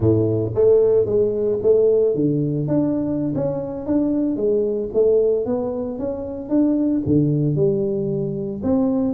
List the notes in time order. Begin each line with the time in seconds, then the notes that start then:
0.00 A2
0.54 A3
1.05 G#3
1.62 A3
2.15 D3
2.67 D4
3.35 C#4
3.86 D4
4.36 G#3
4.93 A3
5.45 B3
5.99 C#4
6.49 D4
7.06 D3
7.55 G3
8.63 C4